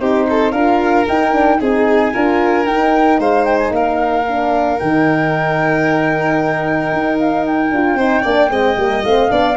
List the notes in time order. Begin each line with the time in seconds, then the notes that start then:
0.00 C4 D#4 G4 C5
0.30 A4
0.52 D4 F4 A#4 F5
1.08 D#4 G5
1.33 D4
1.60 C4 D#4 G#4 G#5
2.13 D4 F4 A#4
2.65 D#4 G5
3.19 G#3 C5 F5
3.44 G5
3.58 G#5
3.71 A#3 A#4 F5
4.28 D4
4.79 D#3 D#4 G5
6.93 D#4
7.19 F5
7.46 G5
7.71 D4 F4
7.94 C4 D#4 C5
8.23 A#3 D4 D5
8.50 G#3 C4 D#5
8.77 G3 A#3
9.04 A3 C4 F5
9.29 B3 D4 D5